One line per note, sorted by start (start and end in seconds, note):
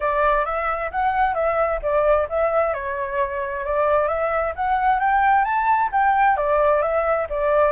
0.00 0.45 D5
0.45 0.90 E5
0.91 1.34 F#5
1.34 1.79 E5
1.82 2.28 D5
2.29 2.73 E5
2.73 3.64 C#5
3.65 4.08 D5
4.08 4.53 E5
4.55 4.99 F#5
4.99 5.44 G5
5.44 5.89 A5
5.92 6.36 G5
6.36 6.82 D5
6.82 7.27 E5
7.29 7.71 D5